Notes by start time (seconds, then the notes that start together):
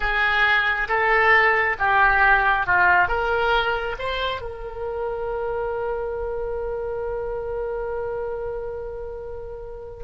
0.00 G#4
0.88 A4
1.78 G4
2.66 F4
3.07 A#4
3.98 C5
4.41 A#4